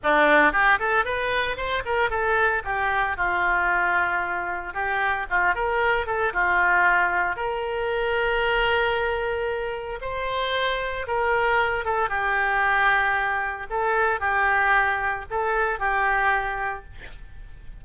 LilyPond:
\new Staff \with { instrumentName = "oboe" } { \time 4/4 \tempo 4 = 114 d'4 g'8 a'8 b'4 c''8 ais'8 | a'4 g'4 f'2~ | f'4 g'4 f'8 ais'4 a'8 | f'2 ais'2~ |
ais'2. c''4~ | c''4 ais'4. a'8 g'4~ | g'2 a'4 g'4~ | g'4 a'4 g'2 | }